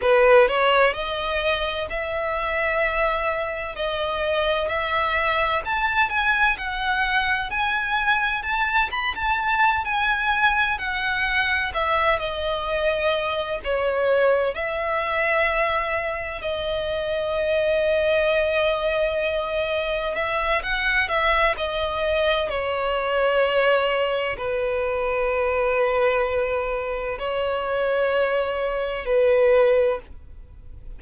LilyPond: \new Staff \with { instrumentName = "violin" } { \time 4/4 \tempo 4 = 64 b'8 cis''8 dis''4 e''2 | dis''4 e''4 a''8 gis''8 fis''4 | gis''4 a''8 b''16 a''8. gis''4 fis''8~ | fis''8 e''8 dis''4. cis''4 e''8~ |
e''4. dis''2~ dis''8~ | dis''4. e''8 fis''8 e''8 dis''4 | cis''2 b'2~ | b'4 cis''2 b'4 | }